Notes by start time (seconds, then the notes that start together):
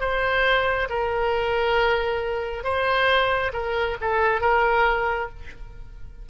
0.00 C5
0.89 A#4
2.64 C5
3.53 A#4
4.01 A4
4.41 A#4